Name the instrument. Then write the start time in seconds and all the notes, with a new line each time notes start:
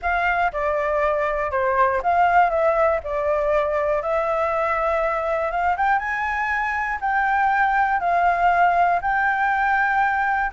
flute
0.01 F5
0.52 D5
1.51 C5
2.02 F5
2.50 E5
3.03 D5
4.02 E5
5.51 F5
5.77 G5
5.98 G#5
7.00 G5
8.00 F5
9.01 G5